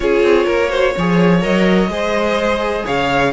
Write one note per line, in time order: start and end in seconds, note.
0.00 0.22 C#4
0.00 0.69 F4
0.00 0.46 G#4
0.00 1.40 C#5
0.22 0.46 C4
0.46 0.95 A#3
0.46 0.69 A#4
0.69 0.93 F#4
0.69 0.93 C5
0.96 1.44 F3
0.96 1.41 G#4
0.96 1.91 C#5
1.41 1.87 F#3
1.41 1.89 A#4
1.41 2.86 D#5
1.87 2.83 G#3
1.87 3.32 G#4
1.87 2.85 C5
2.85 3.33 C#3
2.85 3.32 C#5
2.85 3.33 F5